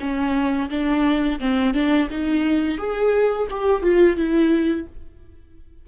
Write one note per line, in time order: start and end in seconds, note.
0.00 0.70 C#4
0.70 1.40 D4
1.40 1.74 C4
1.74 2.09 D4
2.11 2.78 D#4
2.78 3.48 G#4
3.51 3.82 G4
3.82 4.17 F4
4.17 4.87 E4